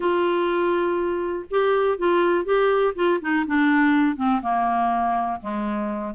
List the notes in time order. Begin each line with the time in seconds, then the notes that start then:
0.00 F4
1.50 G4
1.98 F4
2.44 G4
2.95 F4
3.21 D#4
3.46 D4
4.16 C4
4.42 A#3
5.40 G#3